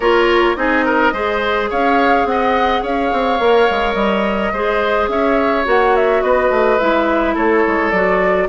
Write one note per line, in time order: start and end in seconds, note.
0.00 0.54 A#3
0.00 0.56 F4
0.00 0.56 A#4
0.00 0.55 C#5
0.55 1.12 C4
0.55 1.12 D#4
0.55 0.85 G#4
0.55 1.69 D#5
0.85 1.13 A#4
1.12 1.69 G#3
1.12 3.40 G#4
1.12 1.69 C5
1.69 2.25 C#4
1.69 2.26 C#5
1.69 2.26 F5
2.25 2.81 C4
2.25 2.83 F#5
2.31 2.82 D#5
2.82 3.11 C#4
2.82 4.52 C#5
2.82 3.94 F5
3.12 3.39 C4
3.39 3.67 A#3
3.39 4.53 A#4
3.70 3.94 G#3
3.94 4.51 G3
3.94 5.07 D#5
4.52 5.08 G#3
4.52 5.64 G#4
4.52 5.09 C5
5.08 5.64 C#4
5.08 6.23 C#5
5.08 5.65 E5
5.64 6.22 A#3
5.64 6.77 F#4
5.64 5.95 F#5
5.95 6.21 E5
6.21 6.50 B3
6.21 7.34 B4
6.21 6.78 D#5
6.50 6.78 A3
6.78 7.36 G#3
6.78 7.93 E4
6.78 7.35 E5
7.34 7.64 A3
7.34 8.47 A4
7.34 7.90 C#5
7.67 7.91 G#3
7.90 8.48 F#3
7.90 8.48 F#4
7.90 8.47 D5